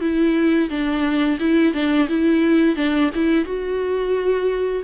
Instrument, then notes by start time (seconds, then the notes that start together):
viola
0.00 E4
0.69 D4
1.39 E4
1.73 D4
2.08 E4
2.76 D4
3.15 E4
3.45 F#4